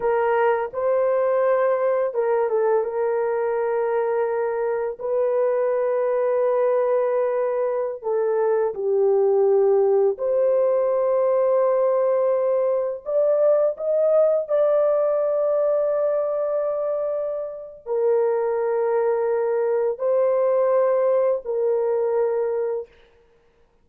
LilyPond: \new Staff \with { instrumentName = "horn" } { \time 4/4 \tempo 4 = 84 ais'4 c''2 ais'8 a'8 | ais'2. b'4~ | b'2.~ b'16 a'8.~ | a'16 g'2 c''4.~ c''16~ |
c''2~ c''16 d''4 dis''8.~ | dis''16 d''2.~ d''8.~ | d''4 ais'2. | c''2 ais'2 | }